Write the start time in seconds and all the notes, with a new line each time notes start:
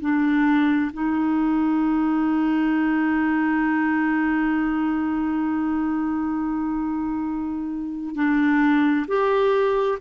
0.00 D4
0.93 D#4
8.15 D4
9.07 G4